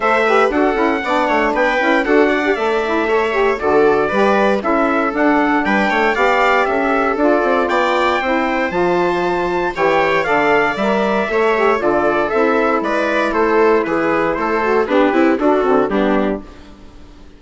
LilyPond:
<<
  \new Staff \with { instrumentName = "trumpet" } { \time 4/4 \tempo 4 = 117 e''4 fis''2 g''4 | fis''4 e''2 d''4~ | d''4 e''4 fis''4 g''4 | f''4 e''4 d''4 g''4~ |
g''4 a''2 g''4 | f''4 e''2 d''4 | e''4 d''4 c''4 b'4 | c''4 b'4 a'4 g'4 | }
  \new Staff \with { instrumentName = "viola" } { \time 4/4 c''8 b'8 a'4 d''8 cis''8 b'4 | a'8 d''4. cis''4 a'4 | b'4 a'2 b'8 cis''8 | d''4 a'2 d''4 |
c''2. cis''4 | d''2 cis''4 a'4~ | a'4 b'4 a'4 gis'4 | a'4 d'8 e'8 fis'4 d'4 | }
  \new Staff \with { instrumentName = "saxophone" } { \time 4/4 a'8 g'8 fis'8 e'8 d'4. e'8 | fis'8. g'16 a'8 e'8 a'8 g'8 fis'4 | g'4 e'4 d'2 | g'2 f'2 |
e'4 f'2 g'4 | a'4 ais'4 a'8 g'8 f'4 | e'1~ | e'8 fis'8 g'4 d'8 c'8 b4 | }
  \new Staff \with { instrumentName = "bassoon" } { \time 4/4 a4 d'8 cis'8 b8 a8 b8 cis'8 | d'4 a2 d4 | g4 cis'4 d'4 g8 a8 | b4 cis'4 d'8 c'8 b4 |
c'4 f2 e4 | d4 g4 a4 d4 | c'4 gis4 a4 e4 | a4 b8 c'8 d'8 d8 g4 | }
>>